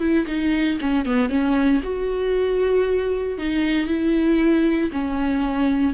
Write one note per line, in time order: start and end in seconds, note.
0.00 0.26 E4
0.27 0.79 D#4
0.81 1.06 C#4
1.06 1.30 B3
1.30 1.81 C#4
1.83 3.38 F#4
3.38 3.87 D#4
3.87 4.91 E4
4.92 5.94 C#4